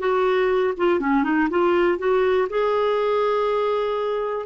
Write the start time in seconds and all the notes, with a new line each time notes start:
0.00 F#4
0.78 F4
1.01 C#4
1.24 D#4
1.51 F4
1.99 F#4
2.50 G#4